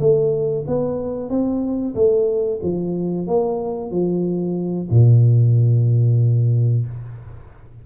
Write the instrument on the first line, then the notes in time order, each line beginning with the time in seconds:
tuba
0.00 A3
0.67 B3
1.30 C4
1.95 A3
2.63 F3
3.27 A#3
3.91 F3
4.91 A#2